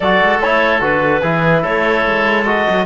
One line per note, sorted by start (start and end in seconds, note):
0.00 0.21 F#3
0.00 0.42 F#4
0.00 1.21 A4
0.00 0.40 D5
0.22 0.39 G#3
0.39 0.80 A3
0.39 0.80 E4
0.39 0.82 C#5
0.80 1.21 D3
0.80 1.22 F#4
0.80 1.64 B4
1.21 1.64 E3
1.21 2.45 E4
1.21 1.61 G#4
1.61 2.05 A3
1.61 2.84 A4
1.61 2.45 C#5
2.05 2.67 G#3
2.45 2.85 F#4
2.45 2.85 D#5
2.69 2.85 F#3